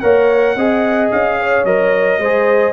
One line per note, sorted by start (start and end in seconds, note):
0.00 0.55 A#3
0.00 0.56 A#4
0.00 0.56 C#5
0.00 1.09 F#5
0.55 1.10 C4
0.55 1.66 G#4
0.55 1.38 D#5
1.11 1.64 C#4
1.11 1.65 F5
1.39 2.20 C#5
1.64 2.19 F#3
1.64 2.20 A#4
1.64 2.73 D#5
2.19 2.73 G#3
2.19 2.73 G#4
2.19 2.73 C5